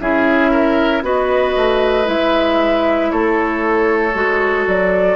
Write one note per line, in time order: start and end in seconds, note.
0.00 1.02 C#4
0.00 1.02 E4
0.00 0.50 G#4
0.00 1.03 E5
0.50 1.02 A#4
1.02 1.54 B3
1.02 2.04 F#4
1.02 3.11 B4
1.02 2.08 D#5
1.56 2.08 A3
2.04 3.11 G#3
2.04 4.11 E4
2.04 3.11 E5
3.11 4.14 A3
3.11 5.15 A4
3.11 4.66 C#5
4.14 4.66 G#3
4.14 5.15 F#4
4.67 5.15 F#3
4.67 5.15 D5